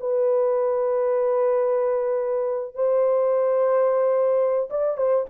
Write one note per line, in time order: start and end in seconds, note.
0.00 2.75 B4
2.75 4.69 C5
4.70 4.97 D5
4.97 5.25 C5